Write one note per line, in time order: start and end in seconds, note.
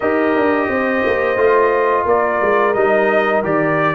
0.00 0.35 D#4
0.00 1.36 G4
0.00 0.69 A#4
0.00 2.06 D#5
0.35 0.68 D4
0.68 1.02 C4
0.68 2.05 C5
1.05 1.36 A#3
1.36 2.05 A3
1.36 2.74 F4
2.05 2.40 A#3
2.05 3.95 A#4
2.05 2.73 D5
2.41 2.75 G#3
2.73 3.43 G3
2.73 3.43 D#4
2.73 3.42 D#5
3.43 3.95 D#3
3.43 3.95 G4
3.43 3.95 D5